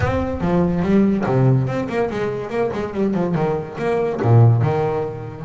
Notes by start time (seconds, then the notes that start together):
0.00 C4
0.40 F3
0.82 G3
1.26 C3
1.67 C4
1.88 A#3
2.10 G#3
2.49 A#3
2.73 G#3
2.93 G3
3.14 F3
3.34 D#3
3.78 A#3
4.22 A#2
4.62 D#3